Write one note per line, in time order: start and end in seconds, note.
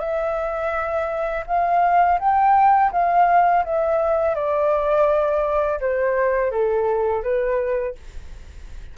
0.00 1.45 E5
1.47 2.19 F5
2.20 2.92 G5
2.92 3.65 F5
3.65 4.36 E5
4.36 5.80 D5
5.81 6.52 C5
6.52 7.23 A4
7.23 7.96 B4